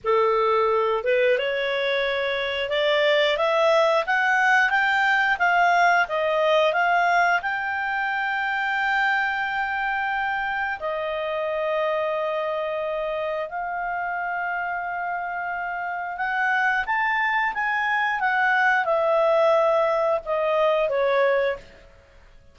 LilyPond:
\new Staff \with { instrumentName = "clarinet" } { \time 4/4 \tempo 4 = 89 a'4. b'8 cis''2 | d''4 e''4 fis''4 g''4 | f''4 dis''4 f''4 g''4~ | g''1 |
dis''1 | f''1 | fis''4 a''4 gis''4 fis''4 | e''2 dis''4 cis''4 | }